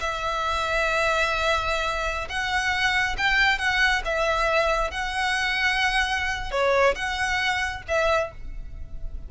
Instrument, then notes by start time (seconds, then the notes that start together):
violin
0.00 E5
2.29 F#5
3.18 G5
3.58 F#5
4.05 E5
4.91 F#5
6.51 C#5
6.95 F#5
7.88 E5